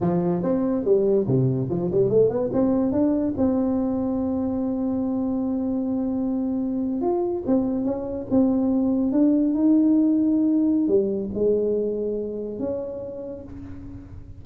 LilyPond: \new Staff \with { instrumentName = "tuba" } { \time 4/4 \tempo 4 = 143 f4 c'4 g4 c4 | f8 g8 a8 b8 c'4 d'4 | c'1~ | c'1~ |
c'8. f'4 c'4 cis'4 c'16~ | c'4.~ c'16 d'4 dis'4~ dis'16~ | dis'2 g4 gis4~ | gis2 cis'2 | }